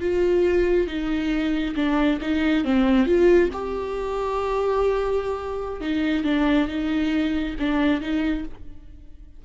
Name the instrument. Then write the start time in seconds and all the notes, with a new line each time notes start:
viola
0.00 F4
0.87 D#4
1.75 D4
2.21 D#4
2.64 C4
3.05 F4
3.53 G4
5.80 D#4
6.24 D4
6.68 D#4
7.59 D4
8.00 D#4